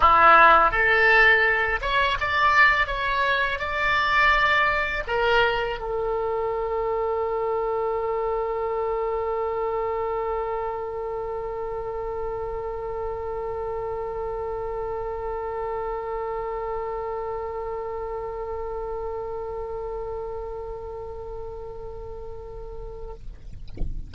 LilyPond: \new Staff \with { instrumentName = "oboe" } { \time 4/4 \tempo 4 = 83 e'4 a'4. cis''8 d''4 | cis''4 d''2 ais'4 | a'1~ | a'1~ |
a'1~ | a'1~ | a'1~ | a'1 | }